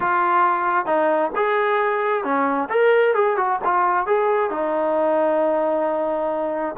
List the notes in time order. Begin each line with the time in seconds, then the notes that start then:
0.00 F4
0.86 D#4
1.35 G#4
2.23 C#4
2.69 A#4
3.14 G#4
3.36 F#4
3.64 F4
4.06 G#4
4.50 D#4